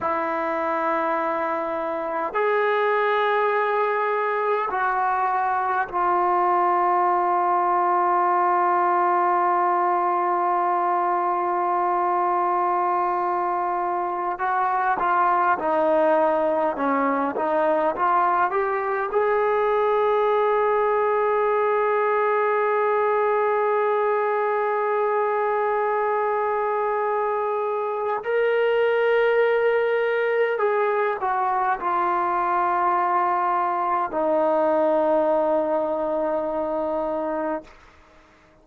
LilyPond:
\new Staff \with { instrumentName = "trombone" } { \time 4/4 \tempo 4 = 51 e'2 gis'2 | fis'4 f'2.~ | f'1~ | f'16 fis'8 f'8 dis'4 cis'8 dis'8 f'8 g'16~ |
g'16 gis'2.~ gis'8.~ | gis'1 | ais'2 gis'8 fis'8 f'4~ | f'4 dis'2. | }